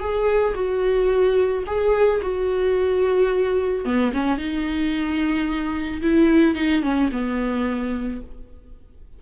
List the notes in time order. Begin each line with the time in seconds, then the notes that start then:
0.00 G#4
0.55 F#4
1.67 G#4
2.22 F#4
3.85 B3
4.14 C#4
4.38 D#4
6.02 E4
6.56 D#4
6.83 C#4
7.12 B3